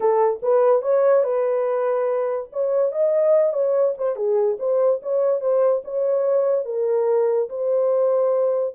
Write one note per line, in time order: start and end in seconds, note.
0.00 0.40 A4
0.42 0.81 B4
0.81 1.23 C#5
1.23 2.48 B4
2.52 2.91 C#5
2.91 3.53 D#5
3.53 3.94 C#5
3.97 4.16 C5
4.16 4.57 G#4
4.59 5.00 C5
5.02 5.40 C#5
5.40 5.82 C5
5.84 6.65 C#5
6.65 7.48 A#4
7.49 8.74 C5